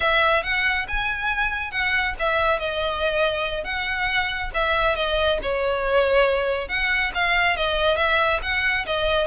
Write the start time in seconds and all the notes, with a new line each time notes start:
0.00 E5
0.43 F#5
0.88 G#5
1.71 F#5
2.19 E5
2.59 D#5
3.64 F#5
4.53 E5
4.95 D#5
5.42 C#5
6.68 F#5
7.14 F5
7.56 D#5
7.96 E5
8.42 F#5
8.86 D#5